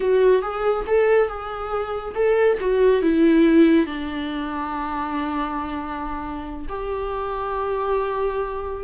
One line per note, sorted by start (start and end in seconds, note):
0.00 0.42 F#4
0.42 0.85 G#4
0.86 1.28 A4
1.28 2.14 G#4
2.14 2.58 A4
2.60 3.02 F#4
3.02 3.86 E4
3.86 6.66 D4
6.68 8.83 G4